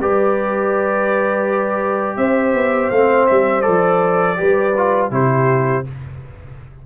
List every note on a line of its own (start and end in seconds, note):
0.00 2.17 G3
0.00 2.94 G4
0.00 2.18 B4
0.00 2.17 D5
2.17 2.54 C4
2.17 4.37 C5
2.17 2.90 E5
2.54 2.90 B3
2.90 3.27 A3
2.90 3.62 C4
2.90 3.27 F5
3.27 3.67 G3
3.27 3.62 E5
3.62 4.40 F3
3.62 4.36 A4
3.62 5.08 D5
4.37 5.11 G3
4.37 4.73 G4
4.37 5.12 B4
4.77 5.11 F4
5.11 5.84 C3
5.11 5.84 E4
5.11 5.86 G4
5.11 5.86 C5